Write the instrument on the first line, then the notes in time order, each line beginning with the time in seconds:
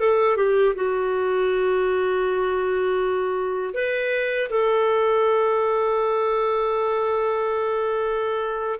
clarinet
0.00 A4
0.37 G4
0.75 F#4
3.74 B4
4.50 A4